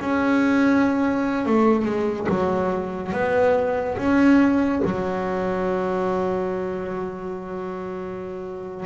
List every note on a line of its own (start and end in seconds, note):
0.00 1.46 C#4
1.46 1.85 A3
1.85 2.27 G#3
2.29 3.12 F#3
3.12 3.96 B3
3.97 4.82 C#4
4.84 8.85 F#3